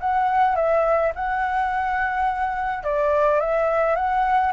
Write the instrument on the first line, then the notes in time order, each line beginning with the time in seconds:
flute
0.00 F#5
0.56 E5
1.15 F#5
2.84 D5
3.40 E5
3.96 F#5